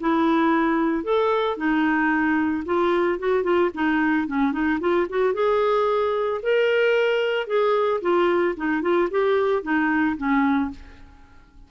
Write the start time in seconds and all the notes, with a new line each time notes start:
0.00 E4
1.04 A4
1.57 D#4
2.65 F4
3.19 F#4
3.43 F4
3.74 D#4
4.27 C#4
4.52 D#4
4.80 F4
5.09 F#4
5.34 G#4
6.42 A#4
7.47 G#4
8.01 F4
8.56 D#4
8.82 F4
9.10 G4
9.62 D#4
10.17 C#4